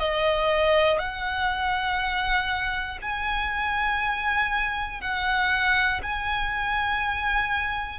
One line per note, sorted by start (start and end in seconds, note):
0.00 0.99 D#5
0.99 2.99 F#5
3.02 5.02 G#5
5.02 6.02 F#5
6.03 8.00 G#5